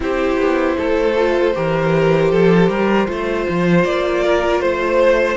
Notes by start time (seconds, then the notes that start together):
0.00 C4 E4 G4 C5
0.37 B3
0.76 A3 A4
1.16 F4
1.54 E3 G4 A#4
2.31 F3 A4
2.69 G3 A#4
3.06 A3 F4 C5
3.49 F3
3.84 A#3 D5
4.23 A#4
4.60 A3 C5